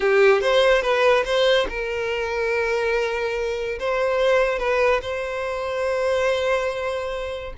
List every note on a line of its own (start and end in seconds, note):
0.00 0.41 G4
0.41 0.82 C5
0.82 1.24 B4
1.24 1.66 C5
1.69 3.79 A#4
3.79 4.58 C5
4.58 5.00 B4
5.01 7.53 C5